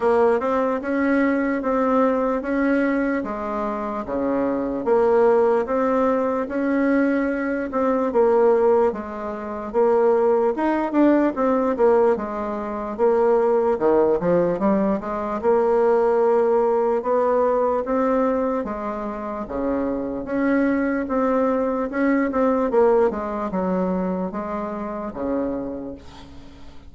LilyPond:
\new Staff \with { instrumentName = "bassoon" } { \time 4/4 \tempo 4 = 74 ais8 c'8 cis'4 c'4 cis'4 | gis4 cis4 ais4 c'4 | cis'4. c'8 ais4 gis4 | ais4 dis'8 d'8 c'8 ais8 gis4 |
ais4 dis8 f8 g8 gis8 ais4~ | ais4 b4 c'4 gis4 | cis4 cis'4 c'4 cis'8 c'8 | ais8 gis8 fis4 gis4 cis4 | }